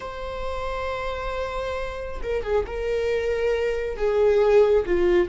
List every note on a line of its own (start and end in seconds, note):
0.00 2.21 C5
2.23 2.43 A#4
2.43 2.65 G#4
2.66 3.96 A#4
3.96 4.84 G#4
4.85 5.28 F4